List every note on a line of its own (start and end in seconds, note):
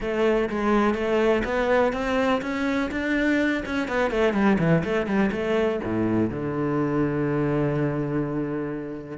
0.00 0.49 A3
0.49 0.94 G#3
0.94 1.43 A3
1.44 1.92 B3
1.92 2.41 C4
2.41 2.90 C#4
2.91 3.63 D4
3.65 3.88 C#4
3.88 4.11 B3
4.11 4.33 A3
4.33 4.57 G3
4.59 4.83 E3
4.84 5.06 A3
5.06 5.30 G3
5.31 5.80 A3
5.84 6.30 A2
6.30 9.17 D3